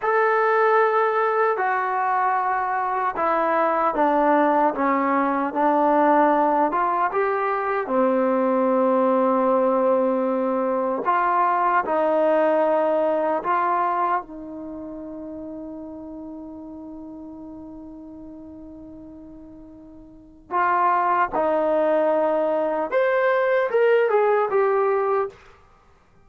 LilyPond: \new Staff \with { instrumentName = "trombone" } { \time 4/4 \tempo 4 = 76 a'2 fis'2 | e'4 d'4 cis'4 d'4~ | d'8 f'8 g'4 c'2~ | c'2 f'4 dis'4~ |
dis'4 f'4 dis'2~ | dis'1~ | dis'2 f'4 dis'4~ | dis'4 c''4 ais'8 gis'8 g'4 | }